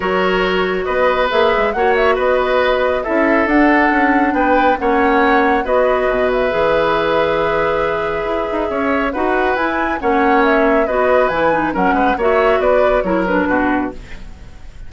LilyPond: <<
  \new Staff \with { instrumentName = "flute" } { \time 4/4 \tempo 4 = 138 cis''2 dis''4 e''4 | fis''8 e''8 dis''2 e''4 | fis''2 g''4 fis''4~ | fis''4 dis''4. e''4.~ |
e''1~ | e''4 fis''4 gis''4 fis''4 | e''4 dis''4 gis''4 fis''4 | e''4 d''4 cis''8 b'4. | }
  \new Staff \with { instrumentName = "oboe" } { \time 4/4 ais'2 b'2 | cis''4 b'2 a'4~ | a'2 b'4 cis''4~ | cis''4 b'2.~ |
b'1 | cis''4 b'2 cis''4~ | cis''4 b'2 ais'8 b'8 | cis''4 b'4 ais'4 fis'4 | }
  \new Staff \with { instrumentName = "clarinet" } { \time 4/4 fis'2. gis'4 | fis'2. e'4 | d'2. cis'4~ | cis'4 fis'2 gis'4~ |
gis'1~ | gis'4 fis'4 e'4 cis'4~ | cis'4 fis'4 e'8 dis'8 cis'4 | fis'2 e'8 d'4. | }
  \new Staff \with { instrumentName = "bassoon" } { \time 4/4 fis2 b4 ais8 gis8 | ais4 b2 cis'4 | d'4 cis'4 b4 ais4~ | ais4 b4 b,4 e4~ |
e2. e'8 dis'8 | cis'4 dis'4 e'4 ais4~ | ais4 b4 e4 fis8 gis8 | ais4 b4 fis4 b,4 | }
>>